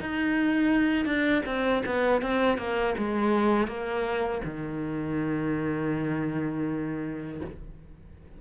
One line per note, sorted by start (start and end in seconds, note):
0.00 1.05 D#4
1.05 1.42 D4
1.45 1.82 C4
1.86 2.21 B3
2.21 2.57 C4
2.57 2.94 A#3
2.98 3.67 G#3
3.67 4.41 A#3
4.44 7.40 D#3